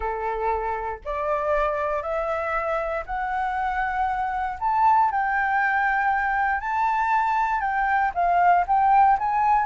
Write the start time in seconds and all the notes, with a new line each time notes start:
0.00 A4
1.04 D5
2.02 E5
3.06 F#5
4.59 A5
5.11 G5
6.60 A5
7.60 G5
8.14 F5
8.67 G5
9.18 G#5